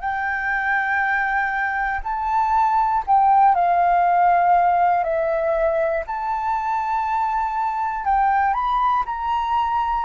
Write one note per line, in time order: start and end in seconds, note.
0.00 2.00 G5
2.04 3.04 A5
3.06 3.55 G5
3.55 5.04 F5
5.04 6.04 E5
6.06 8.04 A5
8.04 8.53 G5
8.53 9.03 B5
9.05 10.05 A#5